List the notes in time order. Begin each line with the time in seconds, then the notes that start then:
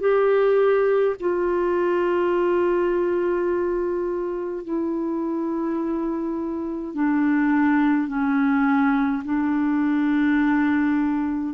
0.00 G4
1.20 F4
4.64 E4
6.94 D4
8.08 C#4
9.25 D4